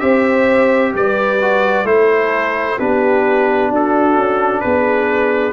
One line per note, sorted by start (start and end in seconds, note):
0.00 0.93 C4
0.00 1.38 G4
0.00 0.94 C5
0.00 0.92 E5
0.94 1.84 G3
0.94 1.88 B4
0.94 1.87 D5
1.41 1.85 F#4
1.84 2.76 A3
1.84 2.78 E4
1.84 2.80 A4
1.84 2.79 C5
2.78 3.71 B3
2.78 5.53 D4
2.78 3.70 G4
2.78 3.72 B4
3.70 4.17 D4
3.70 4.62 F#4
3.70 4.61 A4
4.17 4.63 C#4
4.61 5.53 B3
4.61 5.53 G#4
4.61 5.53 B4